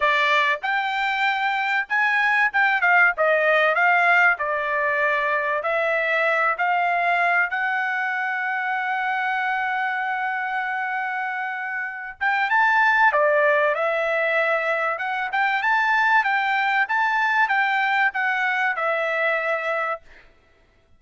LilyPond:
\new Staff \with { instrumentName = "trumpet" } { \time 4/4 \tempo 4 = 96 d''4 g''2 gis''4 | g''8 f''8 dis''4 f''4 d''4~ | d''4 e''4. f''4. | fis''1~ |
fis''2.~ fis''8 g''8 | a''4 d''4 e''2 | fis''8 g''8 a''4 g''4 a''4 | g''4 fis''4 e''2 | }